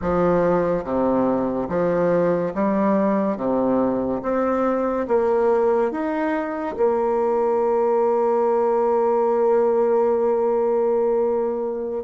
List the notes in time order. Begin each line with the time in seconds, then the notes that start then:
0.01 F3
0.84 C3
1.68 F3
2.54 G3
3.36 C3
4.22 C4
5.07 A#3
5.91 D#4
6.76 A#3